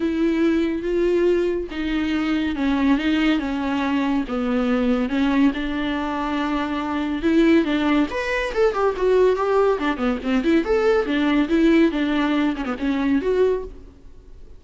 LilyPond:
\new Staff \with { instrumentName = "viola" } { \time 4/4 \tempo 4 = 141 e'2 f'2 | dis'2 cis'4 dis'4 | cis'2 b2 | cis'4 d'2.~ |
d'4 e'4 d'4 b'4 | a'8 g'8 fis'4 g'4 d'8 b8 | c'8 e'8 a'4 d'4 e'4 | d'4. cis'16 b16 cis'4 fis'4 | }